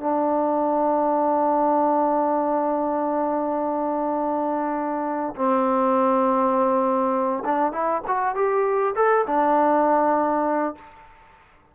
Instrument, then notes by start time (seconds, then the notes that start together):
trombone
0.00 D4
5.35 C4
7.44 D4
7.72 E4
8.07 F#4
8.35 G4
8.95 A4
9.26 D4